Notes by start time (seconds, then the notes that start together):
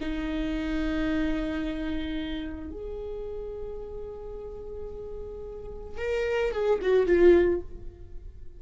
0.00 D#4
2.70 G#4
5.97 A#4
6.52 G#4
6.81 F#4
7.06 F4